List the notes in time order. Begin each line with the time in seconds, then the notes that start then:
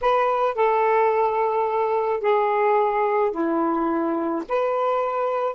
0.01 B4
0.55 A4
2.20 G#4
3.31 E4
4.48 B4